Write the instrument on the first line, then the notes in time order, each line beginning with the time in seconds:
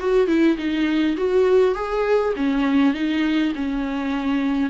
viola
0.00 F#4
0.28 E4
0.58 D#4
1.17 F#4
1.75 G#4
2.37 C#4
2.94 D#4
3.56 C#4